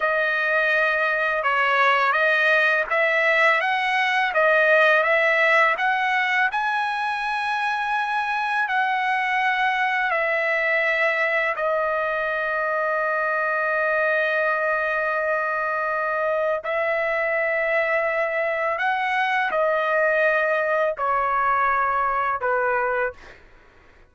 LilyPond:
\new Staff \with { instrumentName = "trumpet" } { \time 4/4 \tempo 4 = 83 dis''2 cis''4 dis''4 | e''4 fis''4 dis''4 e''4 | fis''4 gis''2. | fis''2 e''2 |
dis''1~ | dis''2. e''4~ | e''2 fis''4 dis''4~ | dis''4 cis''2 b'4 | }